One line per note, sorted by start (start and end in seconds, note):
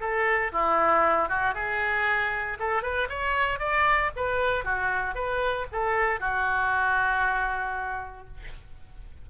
0.00 0.52 A4
0.52 1.29 E4
1.29 1.54 F#4
1.54 2.58 G#4
2.59 2.82 A4
2.82 3.08 B4
3.09 3.59 C#5
3.59 4.11 D5
4.16 4.65 B4
4.65 5.15 F#4
5.15 5.67 B4
5.72 6.20 A4
6.20 8.27 F#4